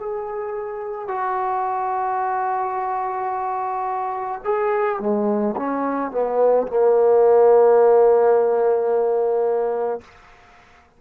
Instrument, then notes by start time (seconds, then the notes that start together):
trombone
0.00 G#4
1.08 F#4
4.44 G#4
5.00 G#3
5.56 C#4
6.11 B3
6.67 A#3